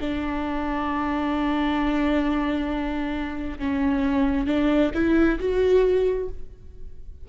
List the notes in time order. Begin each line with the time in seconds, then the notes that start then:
0.00 D4
3.59 C#4
4.46 D4
4.94 E4
5.39 F#4